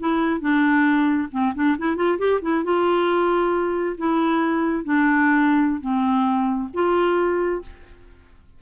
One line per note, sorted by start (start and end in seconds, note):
0.00 0.41 E4
0.41 1.29 D4
1.32 1.54 C4
1.55 1.77 D4
1.78 1.96 E4
1.96 2.18 F4
2.19 2.41 G4
2.42 2.64 E4
2.64 3.97 F4
3.98 4.84 E4
4.84 5.81 D4
5.81 6.70 C4
6.74 7.62 F4